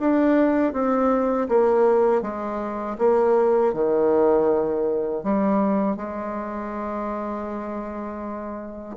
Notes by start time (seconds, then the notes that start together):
0.00 D4
0.73 C4
1.49 A#3
2.22 G#3
2.99 A#3
3.74 D#3
5.24 G3
5.97 G#3